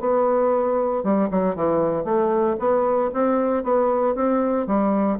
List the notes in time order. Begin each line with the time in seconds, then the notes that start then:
0.00 B3
1.03 G3
1.31 F#3
1.56 E3
2.05 A3
2.59 B3
3.14 C4
3.64 B3
4.15 C4
4.67 G3